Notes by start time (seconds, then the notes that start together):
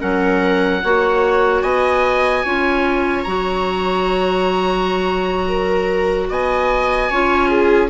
0.00 F#3 C#4 A#4 F#5
0.84 A#3 F#4 C#5
1.63 B3 D#5 G#5
2.44 C#4 F4 C#5
3.24 F#3 F#4 A#5
5.48 A#4
6.30 B3 D#5 G#5
7.10 C#4 F4 C#5
7.48 G#4